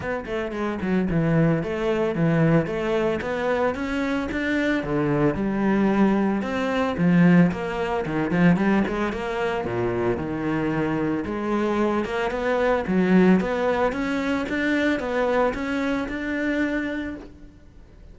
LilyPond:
\new Staff \with { instrumentName = "cello" } { \time 4/4 \tempo 4 = 112 b8 a8 gis8 fis8 e4 a4 | e4 a4 b4 cis'4 | d'4 d4 g2 | c'4 f4 ais4 dis8 f8 |
g8 gis8 ais4 ais,4 dis4~ | dis4 gis4. ais8 b4 | fis4 b4 cis'4 d'4 | b4 cis'4 d'2 | }